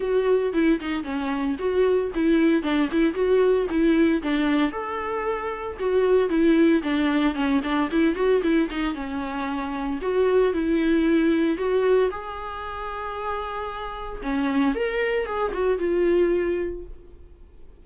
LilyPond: \new Staff \with { instrumentName = "viola" } { \time 4/4 \tempo 4 = 114 fis'4 e'8 dis'8 cis'4 fis'4 | e'4 d'8 e'8 fis'4 e'4 | d'4 a'2 fis'4 | e'4 d'4 cis'8 d'8 e'8 fis'8 |
e'8 dis'8 cis'2 fis'4 | e'2 fis'4 gis'4~ | gis'2. cis'4 | ais'4 gis'8 fis'8 f'2 | }